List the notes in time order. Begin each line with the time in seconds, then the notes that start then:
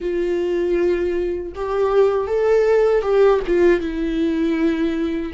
0.00 F4
1.55 G4
2.27 A4
3.02 G4
3.46 F4
3.80 E4